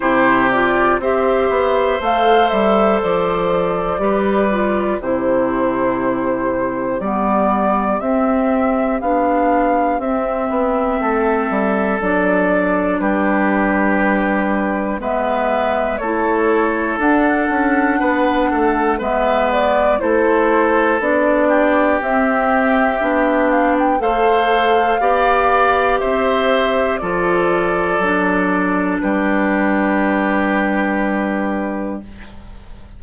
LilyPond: <<
  \new Staff \with { instrumentName = "flute" } { \time 4/4 \tempo 4 = 60 c''8 d''8 e''4 f''8 e''8 d''4~ | d''4 c''2 d''4 | e''4 f''4 e''2 | d''4 b'2 e''4 |
cis''4 fis''2 e''8 d''8 | c''4 d''4 e''4. f''16 g''16 | f''2 e''4 d''4~ | d''4 b'2. | }
  \new Staff \with { instrumentName = "oboe" } { \time 4/4 g'4 c''2. | b'4 g'2.~ | g'2. a'4~ | a'4 g'2 b'4 |
a'2 b'8 a'8 b'4 | a'4. g'2~ g'8 | c''4 d''4 c''4 a'4~ | a'4 g'2. | }
  \new Staff \with { instrumentName = "clarinet" } { \time 4/4 e'8 f'8 g'4 a'2 | g'8 f'8 e'2 b4 | c'4 d'4 c'2 | d'2. b4 |
e'4 d'2 b4 | e'4 d'4 c'4 d'4 | a'4 g'2 f'4 | d'1 | }
  \new Staff \with { instrumentName = "bassoon" } { \time 4/4 c4 c'8 b8 a8 g8 f4 | g4 c2 g4 | c'4 b4 c'8 b8 a8 g8 | fis4 g2 gis4 |
a4 d'8 cis'8 b8 a8 gis4 | a4 b4 c'4 b4 | a4 b4 c'4 f4 | fis4 g2. | }
>>